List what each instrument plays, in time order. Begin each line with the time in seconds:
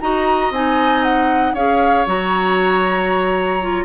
0.00 bassoon D#4, clarinet F#4, oboe D#5, flute A#5
0.50 bassoon C4, clarinet D#4, flute G#5
1.03 flute F#5
1.53 bassoon C#4, clarinet G#4, oboe C#5, flute F5
2.06 bassoon F#3, clarinet F#4, flute A#5
3.61 clarinet F4